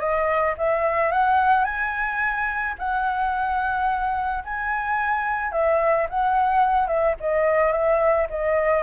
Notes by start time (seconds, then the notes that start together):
0.00 D#5
0.58 E5
1.12 F#5
1.65 G#5
2.79 F#5
4.44 G#5
5.52 E5
6.10 F#5
6.87 E5
7.20 D#5
7.72 E5
8.30 D#5